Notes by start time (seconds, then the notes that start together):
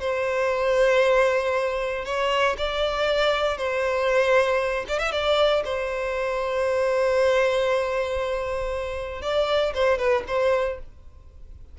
0.00 C5
2.05 C#5
2.58 D5
3.57 C5
4.88 D5
4.99 E5
5.12 D5
5.65 C5
9.22 D5
9.74 C5
9.98 B4
10.27 C5